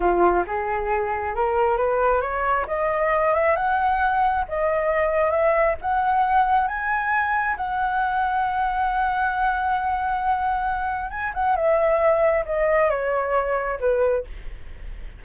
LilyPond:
\new Staff \with { instrumentName = "flute" } { \time 4/4 \tempo 4 = 135 f'4 gis'2 ais'4 | b'4 cis''4 dis''4. e''8 | fis''2 dis''2 | e''4 fis''2 gis''4~ |
gis''4 fis''2.~ | fis''1~ | fis''4 gis''8 fis''8 e''2 | dis''4 cis''2 b'4 | }